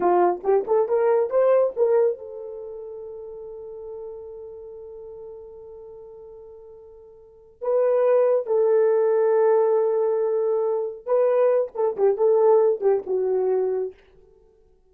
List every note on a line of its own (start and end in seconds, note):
0.00 0.40 F4
0.43 0.65 G4
0.67 0.88 A4
0.88 1.29 A#4
1.29 1.73 C5
1.76 2.18 A#4
2.18 7.61 A4
7.61 8.46 B4
8.46 11.06 A4
11.06 11.71 B4
11.74 11.96 A4
11.96 12.17 G4
12.17 12.80 A4
12.80 13.02 G4
13.06 13.93 F#4